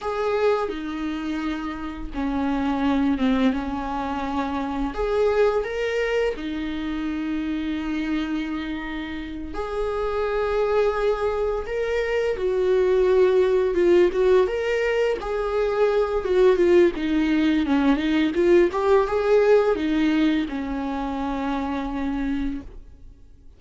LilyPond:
\new Staff \with { instrumentName = "viola" } { \time 4/4 \tempo 4 = 85 gis'4 dis'2 cis'4~ | cis'8 c'8 cis'2 gis'4 | ais'4 dis'2.~ | dis'4. gis'2~ gis'8~ |
gis'8 ais'4 fis'2 f'8 | fis'8 ais'4 gis'4. fis'8 f'8 | dis'4 cis'8 dis'8 f'8 g'8 gis'4 | dis'4 cis'2. | }